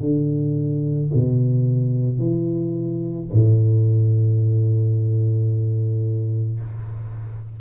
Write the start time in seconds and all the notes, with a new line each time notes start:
0.00 D3
1.14 B2
2.18 E3
3.32 A2